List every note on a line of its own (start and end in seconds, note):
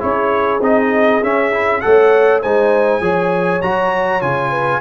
0.00 0.61 C#4
0.00 0.60 E4
0.00 1.84 G#4
0.00 0.61 C#5
0.61 1.21 C4
0.61 1.22 D#4
0.61 1.24 D#5
1.23 1.83 C#4
1.23 1.52 C#4
1.23 1.81 E5
1.52 1.82 E4
1.81 2.44 A3
1.81 2.42 A4
1.81 2.42 C#5
1.81 2.41 F#5
2.42 3.01 G#3
2.42 3.01 D#4
2.42 3.02 C5
2.42 3.62 G#5
3.01 3.61 F3
3.01 3.61 G#4
3.01 4.50 C#5
3.62 4.22 F#3
3.62 4.22 F#4
3.62 4.22 A#5
4.22 4.82 C#3
4.22 4.82 F4
4.22 4.82 G#5
4.50 4.80 B4